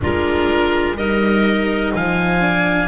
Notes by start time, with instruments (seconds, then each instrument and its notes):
0.00 double bass G#3, viola D4, clarinet F4, oboe A#4
0.95 double bass G3, viola D#4, clarinet A#4, oboe D#5
1.94 double bass F3, clarinet F5, oboe G#5
2.40 viola D4